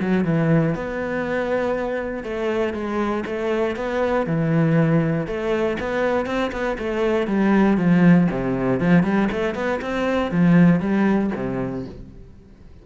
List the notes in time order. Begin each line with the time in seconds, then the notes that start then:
0.00 F#3
0.24 E3
0.74 B3
2.23 A3
2.74 G#3
3.26 A3
3.76 B3
4.26 E3
5.27 A3
5.79 B3
6.26 C4
6.52 B3
6.78 A3
7.27 G3
7.77 F3
8.31 C3
8.80 F3
9.03 G3
9.31 A3
9.55 B3
9.81 C4
10.31 F3
10.80 G3
11.35 C3